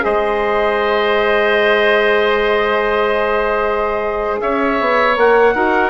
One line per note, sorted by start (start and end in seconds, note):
0.00 4.42 G#3
0.00 5.13 G#4
0.00 4.41 C5
0.00 4.41 D#5
4.41 4.80 C#4
4.41 5.55 C#5
4.41 5.17 E5
4.80 5.18 B3
5.16 5.55 A#3
5.16 5.54 A#4
5.16 5.91 F#5
5.54 5.91 D#4
5.54 5.91 F#4
5.54 5.91 A#4